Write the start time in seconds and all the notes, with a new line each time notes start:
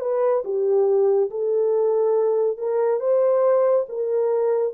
0.00 B4
0.44 G4
1.31 A4
2.58 A#4
3.00 C5
3.89 A#4